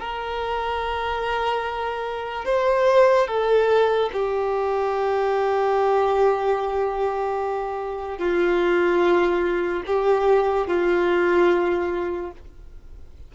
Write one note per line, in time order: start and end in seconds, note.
0.00 2.45 A#4
2.45 3.28 C5
3.28 4.10 A4
4.13 8.19 G4
8.19 9.83 F4
9.87 10.67 G4
10.67 12.32 F4